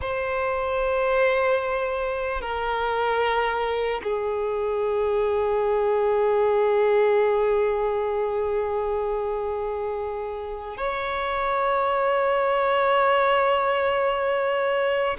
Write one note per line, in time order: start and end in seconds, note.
0.01 2.41 C5
2.41 4.01 A#4
4.03 10.77 G#4
10.77 15.17 C#5